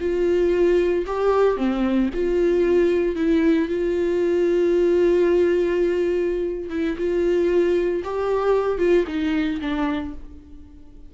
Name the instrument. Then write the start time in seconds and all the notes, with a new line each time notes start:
viola
0.00 F4
1.06 G4
1.57 C4
2.14 F4
3.16 E4
3.68 F4
6.70 E4
6.98 F4
8.04 G4
8.78 F4
9.07 D#4
9.61 D4